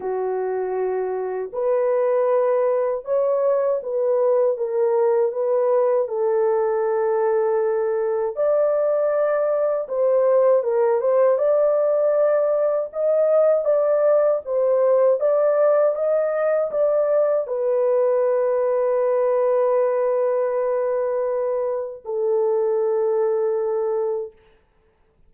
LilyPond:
\new Staff \with { instrumentName = "horn" } { \time 4/4 \tempo 4 = 79 fis'2 b'2 | cis''4 b'4 ais'4 b'4 | a'2. d''4~ | d''4 c''4 ais'8 c''8 d''4~ |
d''4 dis''4 d''4 c''4 | d''4 dis''4 d''4 b'4~ | b'1~ | b'4 a'2. | }